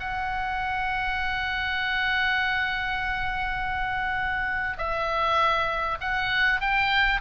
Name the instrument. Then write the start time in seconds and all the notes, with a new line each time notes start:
oboe
0.00 F#5
4.78 E5
6.01 F#5
6.61 G5